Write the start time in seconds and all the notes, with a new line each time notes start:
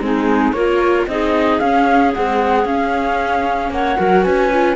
0.00 G#3 C4 D#4 G#4
0.52 A#3 F4 A#4 C#5
1.07 C4 D#4 G#4 D#5
1.59 C#4 F5
2.14 G#3 C4 F#5
2.65 C#4 F5
3.70 A#3 C#5 F#5
3.96 F#3 F#4 A#4
4.23 C#4 B4 G#5
4.52 F4